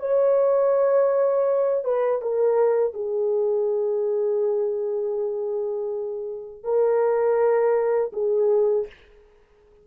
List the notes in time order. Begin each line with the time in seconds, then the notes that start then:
0.00 C#5
1.85 B4
2.22 A#4
2.94 G#4
6.64 A#4
8.13 G#4